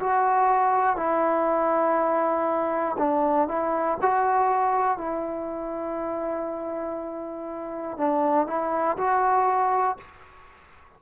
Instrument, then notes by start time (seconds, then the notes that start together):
trombone
0.00 F#4
0.96 E4
2.98 D4
3.48 E4
4.02 F#4
4.98 E4
7.98 D4
8.47 E4
8.97 F#4